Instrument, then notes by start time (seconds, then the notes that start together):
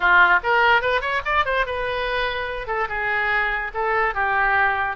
oboe
0.00 F4
0.43 A#4
0.81 B4
1.01 C#5
1.25 D5
1.45 C5
1.66 B4
2.67 A4
2.88 G#4
3.74 A4
4.14 G4